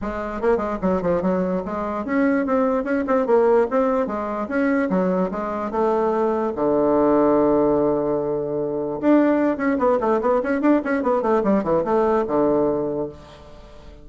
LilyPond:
\new Staff \with { instrumentName = "bassoon" } { \time 4/4 \tempo 4 = 147 gis4 ais8 gis8 fis8 f8 fis4 | gis4 cis'4 c'4 cis'8 c'8 | ais4 c'4 gis4 cis'4 | fis4 gis4 a2 |
d1~ | d2 d'4. cis'8 | b8 a8 b8 cis'8 d'8 cis'8 b8 a8 | g8 e8 a4 d2 | }